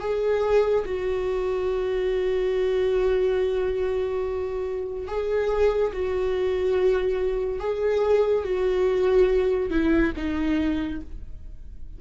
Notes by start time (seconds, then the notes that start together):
0.00 G#4
0.85 F#4
5.07 G#4
5.93 F#4
7.59 G#4
8.44 F#4
9.70 E4
10.16 D#4